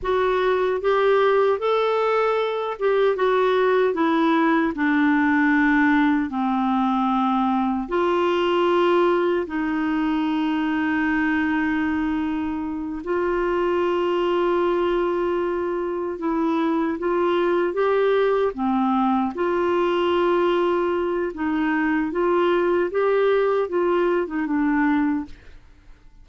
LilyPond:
\new Staff \with { instrumentName = "clarinet" } { \time 4/4 \tempo 4 = 76 fis'4 g'4 a'4. g'8 | fis'4 e'4 d'2 | c'2 f'2 | dis'1~ |
dis'8 f'2.~ f'8~ | f'8 e'4 f'4 g'4 c'8~ | c'8 f'2~ f'8 dis'4 | f'4 g'4 f'8. dis'16 d'4 | }